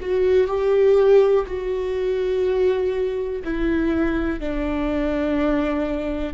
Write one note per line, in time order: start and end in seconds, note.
0.00 0.47 F#4
0.47 1.45 G4
1.46 3.42 F#4
3.44 4.40 E4
4.40 6.34 D4